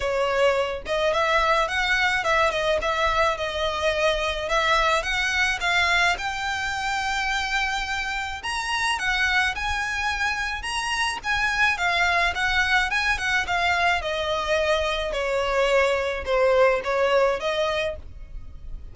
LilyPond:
\new Staff \with { instrumentName = "violin" } { \time 4/4 \tempo 4 = 107 cis''4. dis''8 e''4 fis''4 | e''8 dis''8 e''4 dis''2 | e''4 fis''4 f''4 g''4~ | g''2. ais''4 |
fis''4 gis''2 ais''4 | gis''4 f''4 fis''4 gis''8 fis''8 | f''4 dis''2 cis''4~ | cis''4 c''4 cis''4 dis''4 | }